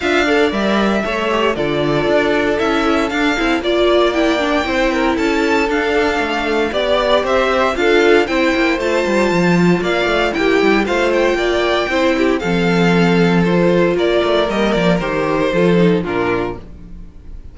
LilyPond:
<<
  \new Staff \with { instrumentName = "violin" } { \time 4/4 \tempo 4 = 116 f''4 e''2 d''4~ | d''4 e''4 f''4 d''4 | g''2 a''4 f''4~ | f''4 d''4 e''4 f''4 |
g''4 a''2 f''4 | g''4 f''8 g''2~ g''8 | f''2 c''4 d''4 | dis''8 d''8 c''2 ais'4 | }
  \new Staff \with { instrumentName = "violin" } { \time 4/4 e''8 d''4. cis''4 a'4~ | a'2. d''4~ | d''4 c''8 ais'8 a'2~ | a'4 d''4 c''4 a'4 |
c''2. d''4 | g'4 c''4 d''4 c''8 g'8 | a'2. ais'4~ | ais'2 a'4 f'4 | }
  \new Staff \with { instrumentName = "viola" } { \time 4/4 f'8 a'8 ais'4 a'8 g'8 f'4~ | f'4 e'4 d'8 e'8 f'4 | e'8 d'8 e'2 d'4~ | d'4 g'2 f'4 |
e'4 f'2. | e'4 f'2 e'4 | c'2 f'2 | ais4 g'4 f'8 dis'8 d'4 | }
  \new Staff \with { instrumentName = "cello" } { \time 4/4 d'4 g4 a4 d4 | d'4 cis'4 d'8 c'8 ais4~ | ais4 c'4 cis'4 d'4 | a4 b4 c'4 d'4 |
c'8 ais8 a8 g8 f4 ais8 a8 | ais8 g8 a4 ais4 c'4 | f2. ais8 a8 | g8 f8 dis4 f4 ais,4 | }
>>